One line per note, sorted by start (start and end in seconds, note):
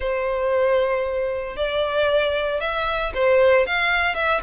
0.00 1.56 C5
1.56 2.60 D5
2.60 3.12 E5
3.14 3.66 C5
3.66 4.14 F5
4.14 4.40 E5